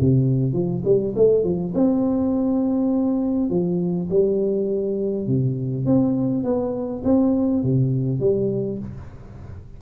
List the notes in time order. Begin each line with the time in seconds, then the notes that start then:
0.00 C3
0.53 F3
0.84 G3
1.16 A3
1.44 F3
1.75 C4
3.50 F3
4.10 G3
5.27 C3
5.86 C4
6.44 B3
7.04 C4
7.63 C3
8.20 G3